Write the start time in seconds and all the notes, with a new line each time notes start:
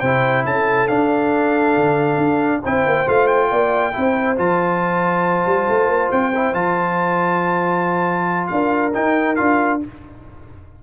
0.00 C3 E4 C5 G5
0.45 C#4 A4 A5
0.88 D4 F5
1.77 D3
2.18 D4
2.63 C4 E4 C5 G5
2.86 A#3
3.07 A3 F4 F5
3.27 G5
3.51 A#3 D5
3.93 C4 E4 C5
4.37 F3 F4 A5
5.46 G3
5.69 A3
5.88 A#3
6.12 C4 G5
6.35 E4
6.53 F3 F4 A5
8.48 D4 A#4 F5
8.94 D#4 G5
9.36 D4 F4 F5